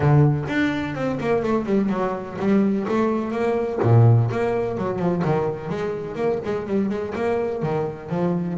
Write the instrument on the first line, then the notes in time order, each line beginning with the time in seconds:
double bass
0.00 D3
0.48 D4
0.95 C4
1.20 A#3
1.42 A3
1.65 G3
1.89 F#3
2.39 G3
2.88 A3
3.31 A#3
3.82 A#2
4.31 A#3
4.77 F#3
4.98 F3
5.24 D#3
5.69 G#3
6.15 A#3
6.45 G#3
6.66 G3
6.89 G#3
7.15 A#3
7.62 D#3
8.09 F3